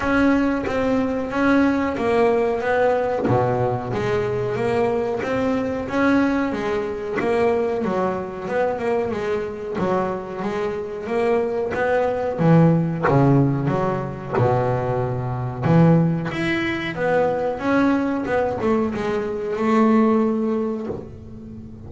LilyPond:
\new Staff \with { instrumentName = "double bass" } { \time 4/4 \tempo 4 = 92 cis'4 c'4 cis'4 ais4 | b4 b,4 gis4 ais4 | c'4 cis'4 gis4 ais4 | fis4 b8 ais8 gis4 fis4 |
gis4 ais4 b4 e4 | cis4 fis4 b,2 | e4 e'4 b4 cis'4 | b8 a8 gis4 a2 | }